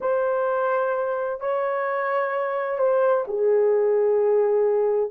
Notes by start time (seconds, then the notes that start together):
0.00 C5
1.40 C#5
2.78 C5
3.27 G#4